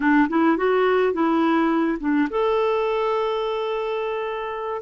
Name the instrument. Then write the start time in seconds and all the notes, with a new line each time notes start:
clarinet
0.00 D4
0.28 E4
0.57 F#4
1.13 E4
2.00 D4
2.30 A4